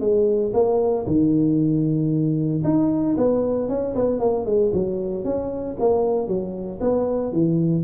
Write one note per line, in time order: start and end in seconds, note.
0.00 0.52 G#3
0.54 1.06 A#3
1.06 2.63 D#3
2.64 3.16 D#4
3.17 3.69 B3
3.69 3.95 C#4
3.95 4.20 B3
4.20 4.45 A#3
4.45 4.71 G#3
4.73 5.24 F#3
5.24 5.76 C#4
5.80 6.28 A#3
6.28 6.80 F#3
6.80 7.32 B3
7.32 7.84 E3